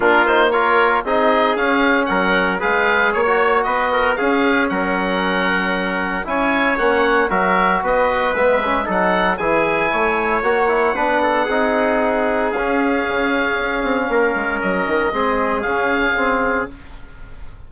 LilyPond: <<
  \new Staff \with { instrumentName = "oboe" } { \time 4/4 \tempo 4 = 115 ais'8 c''8 cis''4 dis''4 f''4 | fis''4 f''4 cis''4 dis''4 | f''4 fis''2. | gis''4 fis''4 e''4 dis''4 |
e''4 fis''4 gis''2 | fis''1 | f''1 | dis''2 f''2 | }
  \new Staff \with { instrumentName = "trumpet" } { \time 4/4 f'4 ais'4 gis'2 | ais'4 b'4 cis''4 b'8 ais'8 | gis'4 ais'2. | cis''2 ais'4 b'4~ |
b'4 a'4 gis'4 cis''4~ | cis''4 b'8 a'8 gis'2~ | gis'2. ais'4~ | ais'4 gis'2. | }
  \new Staff \with { instrumentName = "trombone" } { \time 4/4 d'8 dis'8 f'4 dis'4 cis'4~ | cis'4 gis'4~ gis'16 fis'4.~ fis'16 | cis'1 | e'4 cis'4 fis'2 |
b8 cis'8 dis'4 e'2 | fis'8 e'8 d'4 dis'2 | cis'1~ | cis'4 c'4 cis'4 c'4 | }
  \new Staff \with { instrumentName = "bassoon" } { \time 4/4 ais2 c'4 cis'4 | fis4 gis4 ais4 b4 | cis'4 fis2. | cis'4 ais4 fis4 b4 |
gis4 fis4 e4 a4 | ais4 b4 c'2 | cis'4 cis4 cis'8 c'8 ais8 gis8 | fis8 dis8 gis4 cis2 | }
>>